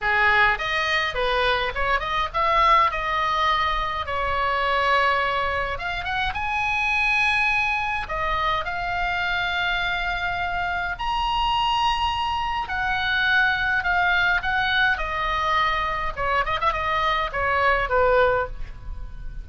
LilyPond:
\new Staff \with { instrumentName = "oboe" } { \time 4/4 \tempo 4 = 104 gis'4 dis''4 b'4 cis''8 dis''8 | e''4 dis''2 cis''4~ | cis''2 f''8 fis''8 gis''4~ | gis''2 dis''4 f''4~ |
f''2. ais''4~ | ais''2 fis''2 | f''4 fis''4 dis''2 | cis''8 dis''16 e''16 dis''4 cis''4 b'4 | }